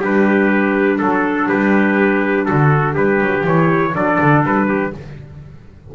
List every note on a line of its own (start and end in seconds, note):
0.00 1.00 G3
0.00 3.47 D4
0.00 0.98 G4
0.00 0.98 B4
0.98 1.50 F#3
0.98 1.47 A4
0.98 1.48 A4
1.48 2.49 G3
1.48 2.47 G4
1.48 2.45 B4
2.45 2.96 D3
2.45 2.94 F#4
2.45 2.95 A4
2.94 3.20 G3
2.94 3.92 G4
2.94 3.46 B4
3.20 3.44 F#3
3.44 3.93 E3
3.44 3.94 E4
3.44 3.95 C#5
3.94 4.19 F#3
3.94 4.92 D4
3.94 4.68 A4
3.94 4.44 D5
4.21 4.44 D3
4.44 4.93 G3
4.44 4.95 B4
4.68 4.93 G4